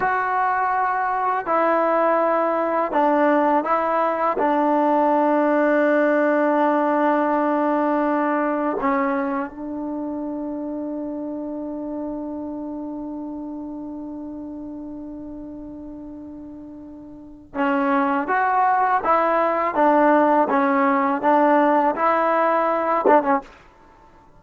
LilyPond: \new Staff \with { instrumentName = "trombone" } { \time 4/4 \tempo 4 = 82 fis'2 e'2 | d'4 e'4 d'2~ | d'1 | cis'4 d'2.~ |
d'1~ | d'1 | cis'4 fis'4 e'4 d'4 | cis'4 d'4 e'4. d'16 cis'16 | }